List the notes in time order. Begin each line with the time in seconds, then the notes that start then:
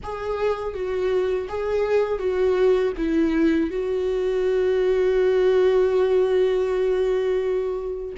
0.03 G#4
0.73 F#4
1.48 G#4
2.19 F#4
2.97 E4
3.70 F#4